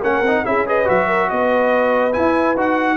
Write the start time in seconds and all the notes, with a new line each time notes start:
0.00 A#3 C#4 A#4 F#5
0.21 C4 D#4
0.45 C#4 E4 G#4 E5
0.66 G#4 B4 D#5
0.85 F#3 F#4 E5
1.07 A#4
1.29 B3 B4 D#5
2.12 E4 G#5
2.55 D#4 F#4 F#5